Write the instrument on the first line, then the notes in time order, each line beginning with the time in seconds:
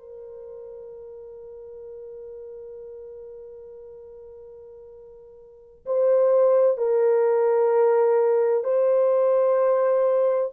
horn
0.00 A#4
5.86 C5
6.78 A#4
8.64 C5